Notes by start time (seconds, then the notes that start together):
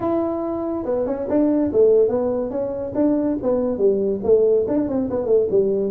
0.00 E4
0.85 B3
1.06 C#4
1.29 D4
1.72 A3
2.08 B3
2.50 C#4
2.94 D4
3.42 B3
3.77 G3
4.23 A3
4.67 D4
4.88 C4
5.10 B3
5.26 A3
5.50 G3